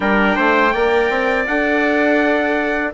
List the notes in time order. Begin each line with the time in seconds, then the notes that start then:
0.00 G3 D4 A#4 G5
0.36 A3 C5
0.73 A#3 A#4 D5
1.10 C4
1.46 D4 A4 F#5